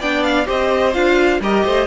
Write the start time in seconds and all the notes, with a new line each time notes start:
0.00 B3 D4 D5 G5
0.24 F5
0.46 C4 G4 C5 D#5
0.94 D4 F4 F5
1.41 G3 G4 A#4 D#5
1.65 A3 C5